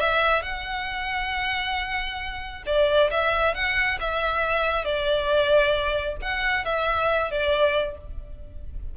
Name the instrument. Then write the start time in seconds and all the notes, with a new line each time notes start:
violin
0.00 E5
0.42 F#5
2.66 D5
3.11 E5
3.55 F#5
4.00 E5
4.84 D5
6.22 F#5
6.65 E5
7.31 D5